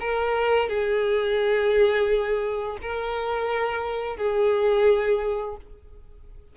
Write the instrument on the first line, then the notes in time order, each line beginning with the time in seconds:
violin
0.00 A#4
0.69 G#4
2.82 A#4
4.17 G#4